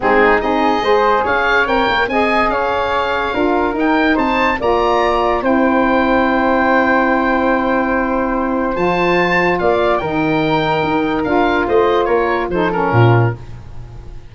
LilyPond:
<<
  \new Staff \with { instrumentName = "oboe" } { \time 4/4 \tempo 4 = 144 gis'4 dis''2 f''4 | g''4 gis''4 f''2~ | f''4 g''4 a''4 ais''4~ | ais''4 g''2.~ |
g''1~ | g''4 a''2 f''4 | g''2. f''4 | dis''4 cis''4 c''8 ais'4. | }
  \new Staff \with { instrumentName = "flute" } { \time 4/4 dis'4 gis'4 c''4 cis''4~ | cis''4 dis''4 cis''2 | ais'2 c''4 d''4~ | d''4 c''2.~ |
c''1~ | c''2. d''4 | ais'1 | c''4 ais'4 a'4 f'4 | }
  \new Staff \with { instrumentName = "saxophone" } { \time 4/4 c'4 dis'4 gis'2 | ais'4 gis'2. | f'4 dis'2 f'4~ | f'4 e'2.~ |
e'1~ | e'4 f'2. | dis'2. f'4~ | f'2 dis'8 cis'4. | }
  \new Staff \with { instrumentName = "tuba" } { \time 4/4 gis4 c'4 gis4 cis'4 | c'8 ais8 c'4 cis'2 | d'4 dis'4 c'4 ais4~ | ais4 c'2.~ |
c'1~ | c'4 f2 ais4 | dis2 dis'4 d'4 | a4 ais4 f4 ais,4 | }
>>